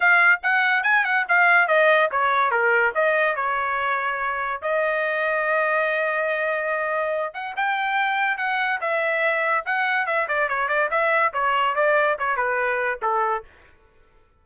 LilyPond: \new Staff \with { instrumentName = "trumpet" } { \time 4/4 \tempo 4 = 143 f''4 fis''4 gis''8 fis''8 f''4 | dis''4 cis''4 ais'4 dis''4 | cis''2. dis''4~ | dis''1~ |
dis''4. fis''8 g''2 | fis''4 e''2 fis''4 | e''8 d''8 cis''8 d''8 e''4 cis''4 | d''4 cis''8 b'4. a'4 | }